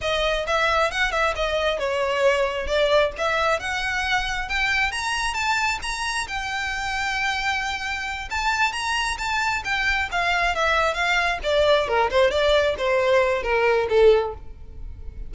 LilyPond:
\new Staff \with { instrumentName = "violin" } { \time 4/4 \tempo 4 = 134 dis''4 e''4 fis''8 e''8 dis''4 | cis''2 d''4 e''4 | fis''2 g''4 ais''4 | a''4 ais''4 g''2~ |
g''2~ g''8 a''4 ais''8~ | ais''8 a''4 g''4 f''4 e''8~ | e''8 f''4 d''4 ais'8 c''8 d''8~ | d''8 c''4. ais'4 a'4 | }